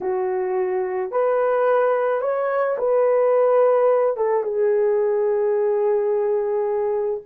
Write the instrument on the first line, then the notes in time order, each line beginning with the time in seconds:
horn
0.00 F#4
1.11 B4
2.21 C#5
2.78 B4
4.16 A4
4.43 G#4